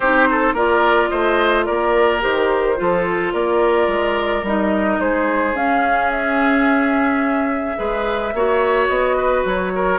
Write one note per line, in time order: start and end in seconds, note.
0.00 0.52 C4
0.00 0.56 D#4
0.00 0.28 G4
0.00 0.55 C5
0.30 0.54 A4
0.52 1.08 A#3
0.52 2.21 F4
0.52 1.09 A#4
0.52 1.08 D5
1.08 1.68 A3
1.08 1.65 C5
1.08 1.63 D#5
1.65 2.23 A#3
1.65 2.76 A#4
1.65 2.20 D5
2.21 2.79 D#3
2.21 2.76 G4
2.21 3.33 C5
2.76 3.33 F3
2.76 4.42 F4
2.76 3.33 A4
3.33 3.87 A#3
3.33 5.00 A#4
3.33 4.44 D5
3.87 4.42 G#3
4.42 4.98 G3
4.42 5.55 D#4
4.42 5.00 D#5
4.99 5.54 G#3
4.99 7.78 G#4
4.99 5.56 C5
5.54 7.76 C#4
5.54 6.11 F5
6.11 8.87 E5
7.76 8.33 G#3
7.76 8.32 G#4
7.76 8.33 B4
8.33 8.88 A#3
8.33 9.98 F#4
8.33 9.16 C#5
8.87 9.44 B3
8.87 9.43 D#5
9.16 9.72 B4
9.44 9.98 F#3
9.44 9.98 C#5
9.75 9.98 A#4